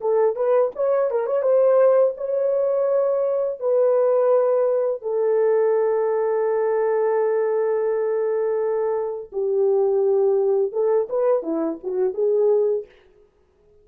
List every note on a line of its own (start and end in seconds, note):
0.00 0.35 A4
0.35 0.71 B4
0.75 1.10 C#5
1.10 1.26 A#4
1.26 1.42 C#5
1.42 2.13 C5
2.17 3.59 C#5
3.59 5.02 B4
5.02 9.30 A4
9.32 10.72 G4
10.72 11.07 A4
11.09 11.42 B4
11.42 11.78 E4
11.83 12.13 F#4
12.13 12.85 G#4